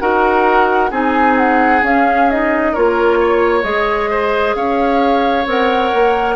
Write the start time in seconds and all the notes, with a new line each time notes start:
0.00 D#4 F#4 A#4 F#5
0.91 C4 D#4 G#4 G#5
1.38 F#5
1.83 C#4 F5
2.30 D#4 D#5
2.72 A#3 F4 A#4 C#5
3.20 C#5
3.63 G#3 G#4 D#5
4.11 C5
4.55 C#4 C#5 F5
5.46 C4 A#4 F#5
5.94 A#3